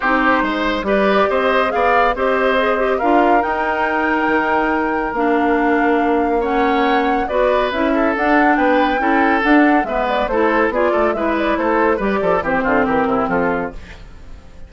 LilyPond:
<<
  \new Staff \with { instrumentName = "flute" } { \time 4/4 \tempo 4 = 140 c''2 d''4 dis''4 | f''4 dis''2 f''4 | g''1 | f''2. fis''4~ |
fis''4 d''4 e''4 fis''4 | g''2 fis''4 e''8 d''8 | c''4 d''4 e''8 d''8 c''4 | d''4 c''4 ais'4 a'4 | }
  \new Staff \with { instrumentName = "oboe" } { \time 4/4 g'4 c''4 b'4 c''4 | d''4 c''2 ais'4~ | ais'1~ | ais'2. cis''4~ |
cis''4 b'4. a'4. | b'4 a'2 b'4 | a'4 gis'8 a'8 b'4 a'4 | b'8 a'8 g'8 f'8 g'8 e'8 f'4 | }
  \new Staff \with { instrumentName = "clarinet" } { \time 4/4 dis'2 g'2 | gis'4 g'4 gis'8 g'8 f'4 | dis'1 | d'2. cis'4~ |
cis'4 fis'4 e'4 d'4~ | d'4 e'4 d'4 b4 | e'4 f'4 e'2 | g'4 c'2. | }
  \new Staff \with { instrumentName = "bassoon" } { \time 4/4 c'4 gis4 g4 c'4 | b4 c'2 d'4 | dis'2 dis2 | ais1~ |
ais4 b4 cis'4 d'4 | b4 cis'4 d'4 gis4 | a4 b8 a8 gis4 a4 | g8 f8 e8 d8 e8 c8 f4 | }
>>